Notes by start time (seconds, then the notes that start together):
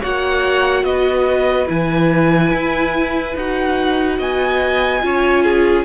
0.00 A#3 F#4 C#5 F#5
0.83 B3 B4 D#5
1.67 E3 E4 G#5
2.53 E4
3.36 D#4 F#4 F#5
4.18 B3 D#5 G#5
5.01 C#4 F4 C#5
5.44 G#4